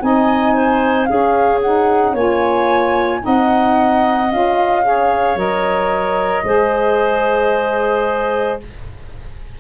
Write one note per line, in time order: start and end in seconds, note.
0.00 1.10 C4
0.00 1.07 D#4
0.00 0.54 D#5
0.00 1.06 G#5
0.54 1.08 C5
1.06 1.62 C#4
1.06 2.14 C#4
1.06 2.12 G#4
1.06 1.59 F5
1.62 2.17 D#4
1.62 2.15 F#5
2.12 3.21 A#3
2.12 3.21 F4
2.12 3.20 C#5
2.12 3.25 G#5
3.21 4.28 D#4
3.21 4.85 D#5
3.21 4.32 F#5
3.27 4.32 C4
4.31 5.36 C#4
4.31 4.83 F4
4.31 5.39 F5
4.83 5.37 G#4
4.83 6.46 C#5
5.36 6.43 F#3
5.36 6.44 A#4
5.36 8.60 D#5
6.44 8.58 G#3
6.44 8.59 G#4
6.44 8.60 C5